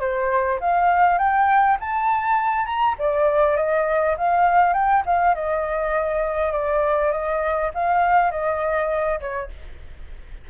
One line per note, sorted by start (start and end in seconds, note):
0.00 0.59 C5
0.60 1.18 F5
1.18 1.78 G5
1.80 2.66 A5
2.66 2.96 A#5
2.99 3.56 D5
3.56 4.16 D#5
4.17 4.74 F5
4.74 5.03 G5
5.06 5.35 F5
5.35 6.52 D#5
6.52 7.12 D5
7.12 7.71 D#5
7.74 8.31 F5
8.31 9.20 D#5
9.20 9.50 C#5